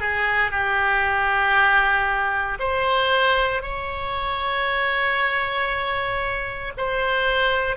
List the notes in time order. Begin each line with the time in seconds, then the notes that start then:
0.00 G#4
0.51 G4
2.59 C5
3.62 C#5
6.77 C5